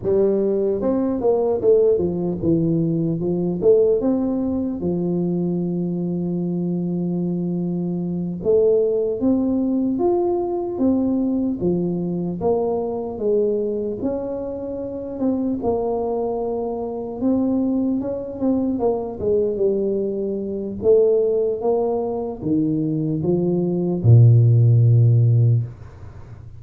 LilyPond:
\new Staff \with { instrumentName = "tuba" } { \time 4/4 \tempo 4 = 75 g4 c'8 ais8 a8 f8 e4 | f8 a8 c'4 f2~ | f2~ f8 a4 c'8~ | c'8 f'4 c'4 f4 ais8~ |
ais8 gis4 cis'4. c'8 ais8~ | ais4. c'4 cis'8 c'8 ais8 | gis8 g4. a4 ais4 | dis4 f4 ais,2 | }